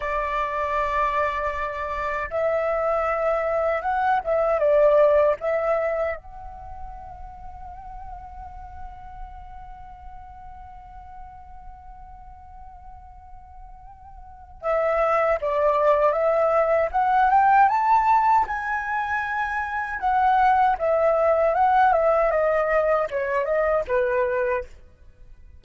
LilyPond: \new Staff \with { instrumentName = "flute" } { \time 4/4 \tempo 4 = 78 d''2. e''4~ | e''4 fis''8 e''8 d''4 e''4 | fis''1~ | fis''1~ |
fis''2. e''4 | d''4 e''4 fis''8 g''8 a''4 | gis''2 fis''4 e''4 | fis''8 e''8 dis''4 cis''8 dis''8 b'4 | }